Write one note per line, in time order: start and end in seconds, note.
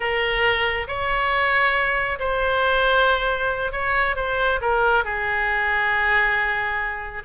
0.00 0.87 A#4
0.87 2.18 C#5
2.19 3.72 C5
3.72 4.15 C#5
4.16 4.59 C5
4.61 5.04 A#4
5.04 7.23 G#4